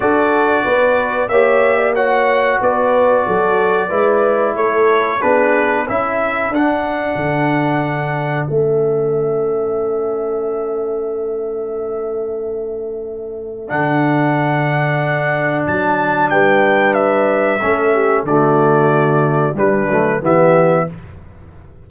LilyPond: <<
  \new Staff \with { instrumentName = "trumpet" } { \time 4/4 \tempo 4 = 92 d''2 e''4 fis''4 | d''2. cis''4 | b'4 e''4 fis''2~ | fis''4 e''2.~ |
e''1~ | e''4 fis''2. | a''4 g''4 e''2 | d''2 b'4 e''4 | }
  \new Staff \with { instrumentName = "horn" } { \time 4/4 a'4 b'4 cis''8. d''16 cis''4 | b'4 a'4 b'4 a'4 | gis'4 a'2.~ | a'1~ |
a'1~ | a'1~ | a'4 b'2 a'8 g'8 | fis'2 d'4 g'4 | }
  \new Staff \with { instrumentName = "trombone" } { \time 4/4 fis'2 g'4 fis'4~ | fis'2 e'2 | d'4 e'4 d'2~ | d'4 cis'2.~ |
cis'1~ | cis'4 d'2.~ | d'2. cis'4 | a2 g8 a8 b4 | }
  \new Staff \with { instrumentName = "tuba" } { \time 4/4 d'4 b4 ais2 | b4 fis4 gis4 a4 | b4 cis'4 d'4 d4~ | d4 a2.~ |
a1~ | a4 d2. | fis4 g2 a4 | d2 g8 fis8 e4 | }
>>